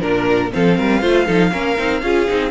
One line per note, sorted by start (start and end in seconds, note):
0.00 0.51 A#2
0.00 0.50 D4
0.00 0.50 A#4
0.00 0.53 A#4
0.52 0.79 F3
0.52 1.02 C4
0.52 0.77 A4
0.52 2.50 F5
0.77 1.02 G3
0.77 1.00 A#4
1.00 1.27 A3
1.00 1.26 F4
1.00 1.25 C5
1.25 1.53 F3
1.25 1.51 D#4
1.25 1.50 A4
1.51 1.78 A#3
1.51 1.76 C#4
1.51 2.02 A#4
1.77 2.02 C4
1.77 2.02 D#4
2.02 2.27 C#4
2.02 2.28 F4
2.02 2.50 G#4
2.28 2.50 C4
2.28 2.50 D#4